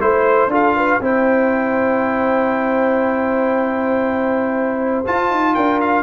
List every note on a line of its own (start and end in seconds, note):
0.00 0.47 A3
0.00 0.50 E4
0.00 0.51 C5
0.47 0.97 D4
0.47 1.01 F4
0.47 0.76 A4
0.54 1.04 F5
0.76 1.01 B4
1.00 5.04 C4
1.00 5.05 E4
1.00 5.55 C5
1.00 5.06 G5
5.06 6.03 F4
5.06 5.30 F4
5.06 5.55 A5
5.30 5.55 D#4
5.55 6.03 D4
5.55 6.03 A#4
5.55 5.80 G5
5.81 6.03 F5